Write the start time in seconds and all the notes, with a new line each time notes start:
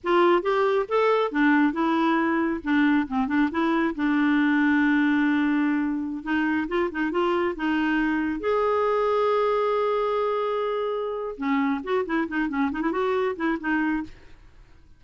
0.03 F4
0.42 G4
0.88 A4
1.31 D4
1.72 E4
2.63 D4
3.07 C4
3.27 D4
3.51 E4
3.95 D4
6.23 D#4
6.68 F4
6.91 D#4
7.11 F4
7.55 D#4
8.40 G#4
11.37 C#4
11.83 F#4
12.05 E4
12.27 D#4
12.49 C#4
12.71 D#4
12.81 E4
12.91 F#4
13.36 E4
13.59 D#4